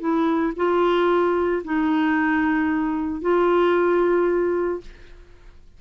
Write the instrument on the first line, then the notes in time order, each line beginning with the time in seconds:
clarinet
0.00 E4
0.56 F4
1.64 D#4
3.21 F4